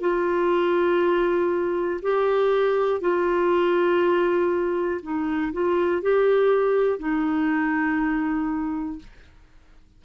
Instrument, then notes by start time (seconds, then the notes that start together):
clarinet
0.00 F4
2.02 G4
3.01 F4
5.02 D#4
5.53 F4
6.02 G4
6.99 D#4